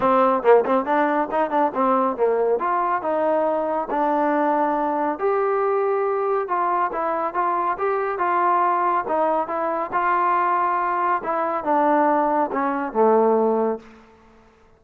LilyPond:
\new Staff \with { instrumentName = "trombone" } { \time 4/4 \tempo 4 = 139 c'4 ais8 c'8 d'4 dis'8 d'8 | c'4 ais4 f'4 dis'4~ | dis'4 d'2. | g'2. f'4 |
e'4 f'4 g'4 f'4~ | f'4 dis'4 e'4 f'4~ | f'2 e'4 d'4~ | d'4 cis'4 a2 | }